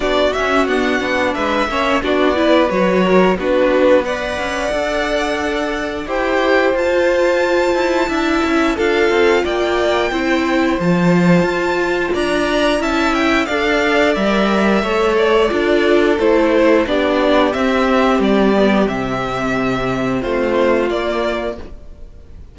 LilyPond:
<<
  \new Staff \with { instrumentName = "violin" } { \time 4/4 \tempo 4 = 89 d''8 e''8 fis''4 e''4 d''4 | cis''4 b'4 fis''2~ | fis''4 g''4 a''2~ | a''4 f''4 g''2 |
a''2 ais''4 a''8 g''8 | f''4 e''4. d''4. | c''4 d''4 e''4 d''4 | e''2 c''4 d''4 | }
  \new Staff \with { instrumentName = "violin" } { \time 4/4 fis'2 b'8 cis''8 fis'8 b'8~ | b'8 ais'8 fis'4 d''2~ | d''4 c''2. | e''4 a'4 d''4 c''4~ |
c''2 d''4 e''4 | d''2 cis''4 a'4~ | a'4 g'2.~ | g'2 f'2 | }
  \new Staff \with { instrumentName = "viola" } { \time 4/4 d'8 cis'8 b8 d'4 cis'8 d'8 e'8 | fis'4 d'4 b'4 a'4~ | a'4 g'4 f'2 | e'4 f'2 e'4 |
f'2. e'4 | a'4 ais'4 a'4 f'4 | e'4 d'4 c'4. b8 | c'2. ais4 | }
  \new Staff \with { instrumentName = "cello" } { \time 4/4 b8 cis'8 d'8 b8 gis8 ais8 b4 | fis4 b4. cis'8 d'4~ | d'4 e'4 f'4. e'8 | d'8 cis'8 d'8 c'8 ais4 c'4 |
f4 f'4 d'4 cis'4 | d'4 g4 a4 d'4 | a4 b4 c'4 g4 | c2 a4 ais4 | }
>>